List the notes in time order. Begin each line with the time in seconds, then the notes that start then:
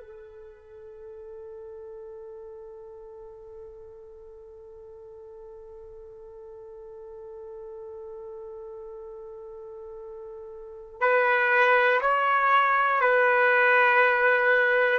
0.00 A4
11.00 B4
12.00 C#5
13.00 B4